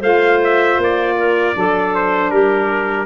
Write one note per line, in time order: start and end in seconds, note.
0.00 0.78 A3
0.00 1.53 F4
0.00 1.14 C5
0.00 0.41 F5
0.44 0.82 E5
0.78 1.54 A#3
0.78 1.95 D5
1.19 1.57 A#4
1.53 2.31 F#3
1.53 3.05 D4
1.53 2.32 A4
1.95 2.30 C5
2.30 3.06 G3
2.30 3.06 G4
2.30 3.06 A#4